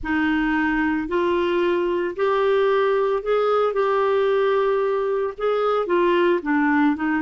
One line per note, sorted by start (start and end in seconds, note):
0.03 1.08 D#4
1.08 2.15 F4
2.16 3.22 G4
3.22 3.73 G#4
3.73 5.33 G4
5.37 5.86 G#4
5.86 6.40 F4
6.42 6.96 D4
6.96 7.22 D#4